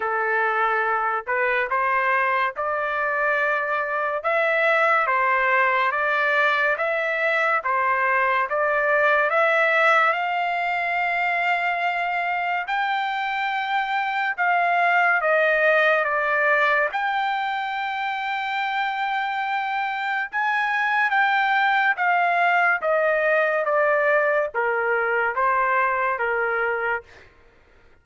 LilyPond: \new Staff \with { instrumentName = "trumpet" } { \time 4/4 \tempo 4 = 71 a'4. b'8 c''4 d''4~ | d''4 e''4 c''4 d''4 | e''4 c''4 d''4 e''4 | f''2. g''4~ |
g''4 f''4 dis''4 d''4 | g''1 | gis''4 g''4 f''4 dis''4 | d''4 ais'4 c''4 ais'4 | }